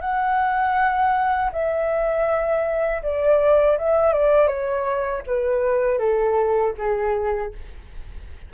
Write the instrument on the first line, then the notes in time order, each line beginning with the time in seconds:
flute
0.00 F#5
1.52 E5
3.02 D5
3.78 E5
4.12 D5
4.47 C#5
5.26 B4
5.98 A4
6.77 G#4